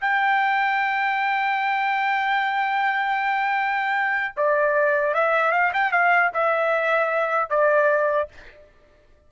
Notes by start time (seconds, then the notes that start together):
0.00 G5
4.36 D5
5.14 E5
5.52 F5
5.73 G5
5.91 F5
6.34 E5
7.49 D5